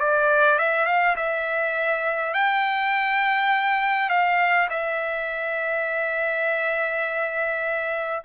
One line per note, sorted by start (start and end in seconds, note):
0.00 0.59 D5
0.59 0.86 E5
0.86 1.16 F5
1.17 2.34 E5
2.34 4.10 G5
4.10 4.68 F5
4.70 8.23 E5